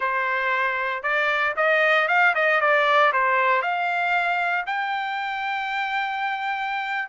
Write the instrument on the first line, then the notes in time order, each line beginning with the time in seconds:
trumpet
0.00 C5
1.02 D5
1.56 D#5
2.08 F5
2.35 D#5
2.61 D5
3.12 C5
3.61 F5
4.66 G5